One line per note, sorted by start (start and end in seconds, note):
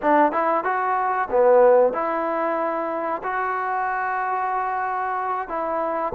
0.02 0.32 D4
0.32 0.64 E4
0.64 1.28 F#4
1.30 1.93 B3
1.93 3.22 E4
3.23 5.48 F#4
5.48 6.13 E4